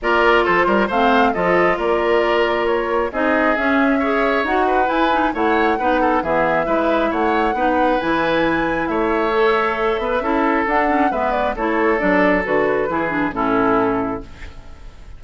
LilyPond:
<<
  \new Staff \with { instrumentName = "flute" } { \time 4/4 \tempo 4 = 135 d''4 c''4 f''4 dis''4 | d''2 cis''4 dis''4 | e''2 fis''4 gis''4 | fis''2 e''2 |
fis''2 gis''2 | e''1 | fis''4 e''8 d''8 cis''4 d''4 | b'2 a'2 | }
  \new Staff \with { instrumentName = "oboe" } { \time 4/4 ais'4 a'8 ais'8 c''4 a'4 | ais'2. gis'4~ | gis'4 cis''4. b'4. | cis''4 b'8 a'8 gis'4 b'4 |
cis''4 b'2. | cis''2~ cis''8 b'8 a'4~ | a'4 b'4 a'2~ | a'4 gis'4 e'2 | }
  \new Staff \with { instrumentName = "clarinet" } { \time 4/4 f'2 c'4 f'4~ | f'2. dis'4 | cis'4 gis'4 fis'4 e'8 dis'8 | e'4 dis'4 b4 e'4~ |
e'4 dis'4 e'2~ | e'4 a'2 e'4 | d'8 cis'8 b4 e'4 d'4 | fis'4 e'8 d'8 cis'2 | }
  \new Staff \with { instrumentName = "bassoon" } { \time 4/4 ais4 f8 g8 a4 f4 | ais2. c'4 | cis'2 dis'4 e'4 | a4 b4 e4 gis4 |
a4 b4 e2 | a2~ a8 b8 cis'4 | d'4 gis4 a4 fis4 | d4 e4 a,2 | }
>>